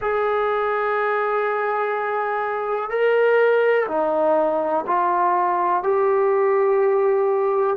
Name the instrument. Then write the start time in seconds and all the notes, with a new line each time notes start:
trombone
0.00 G#4
2.89 A#4
3.88 D#4
4.86 F4
5.83 G4